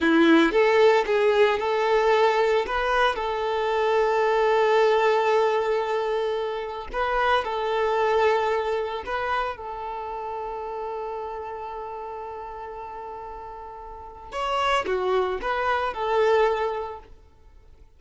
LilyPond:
\new Staff \with { instrumentName = "violin" } { \time 4/4 \tempo 4 = 113 e'4 a'4 gis'4 a'4~ | a'4 b'4 a'2~ | a'1~ | a'4 b'4 a'2~ |
a'4 b'4 a'2~ | a'1~ | a'2. cis''4 | fis'4 b'4 a'2 | }